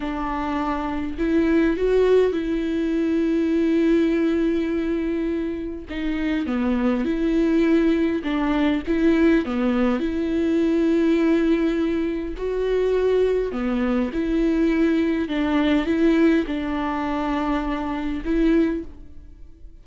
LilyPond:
\new Staff \with { instrumentName = "viola" } { \time 4/4 \tempo 4 = 102 d'2 e'4 fis'4 | e'1~ | e'2 dis'4 b4 | e'2 d'4 e'4 |
b4 e'2.~ | e'4 fis'2 b4 | e'2 d'4 e'4 | d'2. e'4 | }